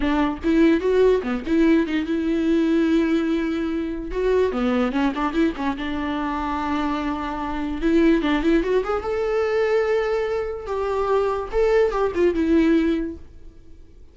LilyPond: \new Staff \with { instrumentName = "viola" } { \time 4/4 \tempo 4 = 146 d'4 e'4 fis'4 b8 e'8~ | e'8 dis'8 e'2.~ | e'2 fis'4 b4 | cis'8 d'8 e'8 cis'8 d'2~ |
d'2. e'4 | d'8 e'8 fis'8 gis'8 a'2~ | a'2 g'2 | a'4 g'8 f'8 e'2 | }